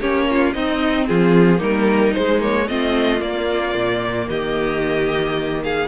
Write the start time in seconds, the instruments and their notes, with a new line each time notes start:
0.00 cello A#3, viola C#4, violin G4 C#5
0.30 violin F4
0.53 cello C4, viola C4, violin D#4 D#5
1.08 cello F3, violin F4 G#4
1.58 cello G3, viola A#3, violin D#4 A#4
2.14 viola G#3, cello G#3, violin C5
2.41 viola A#3, violin C#5
2.68 cello A3, viola C4, violin F4 D#5
3.19 viola A#3, cello A#3, violin D5
3.75 cello A#2
4.29 cello D#3, violin G4 D#5
5.64 violin G#4 F5